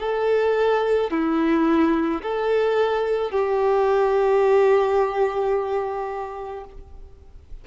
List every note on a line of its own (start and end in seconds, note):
0.00 1.11 A4
1.11 2.22 E4
2.23 3.31 A4
3.31 6.65 G4